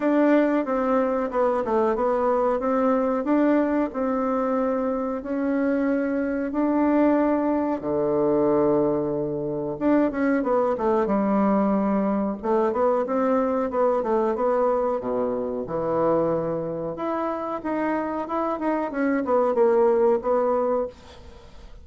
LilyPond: \new Staff \with { instrumentName = "bassoon" } { \time 4/4 \tempo 4 = 92 d'4 c'4 b8 a8 b4 | c'4 d'4 c'2 | cis'2 d'2 | d2. d'8 cis'8 |
b8 a8 g2 a8 b8 | c'4 b8 a8 b4 b,4 | e2 e'4 dis'4 | e'8 dis'8 cis'8 b8 ais4 b4 | }